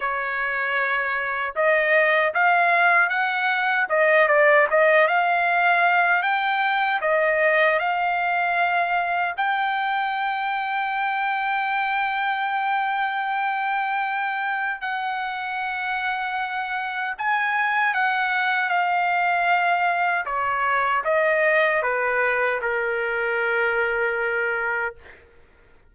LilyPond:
\new Staff \with { instrumentName = "trumpet" } { \time 4/4 \tempo 4 = 77 cis''2 dis''4 f''4 | fis''4 dis''8 d''8 dis''8 f''4. | g''4 dis''4 f''2 | g''1~ |
g''2. fis''4~ | fis''2 gis''4 fis''4 | f''2 cis''4 dis''4 | b'4 ais'2. | }